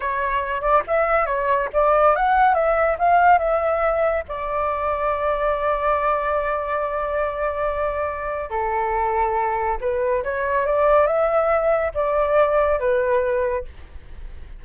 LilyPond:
\new Staff \with { instrumentName = "flute" } { \time 4/4 \tempo 4 = 141 cis''4. d''8 e''4 cis''4 | d''4 fis''4 e''4 f''4 | e''2 d''2~ | d''1~ |
d''1 | a'2. b'4 | cis''4 d''4 e''2 | d''2 b'2 | }